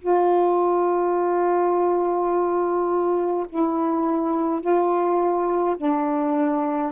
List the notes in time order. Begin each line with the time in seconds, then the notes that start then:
0.00 F4
3.49 E4
4.60 F4
5.77 D4